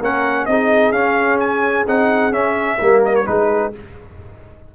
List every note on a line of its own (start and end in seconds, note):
0.00 0.47 A#3
0.00 0.49 C#4
0.00 0.47 A#4
0.00 0.45 F#5
0.45 0.92 C4
0.45 0.93 D#4
0.45 2.78 G#4
0.45 0.92 D#5
0.92 1.85 C#4
0.92 1.86 C#4
0.92 1.39 F5
1.40 1.86 G#5
1.87 2.32 C4
1.87 2.32 D#4
1.87 2.33 F#5
2.32 2.78 C#4
2.32 3.02 E5
2.78 3.27 G3
2.78 3.26 A#3
2.78 3.25 A#4
3.05 3.15 D#5
3.15 3.26 C#5
3.26 3.74 G#3
3.26 3.73 D#4
3.26 3.75 G#4
3.26 3.73 B4